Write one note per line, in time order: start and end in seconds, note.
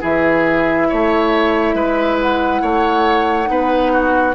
0.00 0.90 E3
0.00 3.45 E4
0.00 0.87 G#4
0.00 2.18 E5
0.89 1.74 A3
0.89 1.75 C#5
1.74 2.61 G#3
1.74 2.62 B4
2.18 4.35 F#5
2.62 3.49 A3
2.62 3.49 C#5
3.45 4.35 B3
3.45 4.32 D#4
3.45 3.92 B4
3.92 4.35 F#4